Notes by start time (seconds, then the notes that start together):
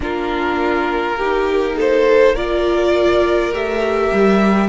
0.00 A#3 D4 F4 A#4
1.17 D#4 G4
1.75 A4 C5
2.35 F4 A#4 D5
3.51 A3 G4 E5
4.12 G3